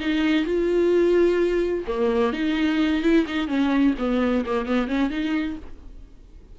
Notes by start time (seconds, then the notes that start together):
0.00 D#4
0.45 F4
1.88 A#3
2.33 D#4
3.03 E4
3.27 D#4
3.48 C#4
3.99 B3
4.46 A#3
4.66 B3
4.88 C#4
5.10 D#4